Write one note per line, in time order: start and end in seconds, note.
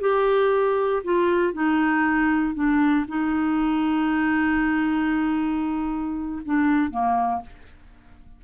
0.00 1.03 G4
1.04 1.53 F4
1.53 2.54 D#4
2.54 3.05 D4
3.08 6.41 D#4
6.45 6.90 D4
6.90 7.41 A#3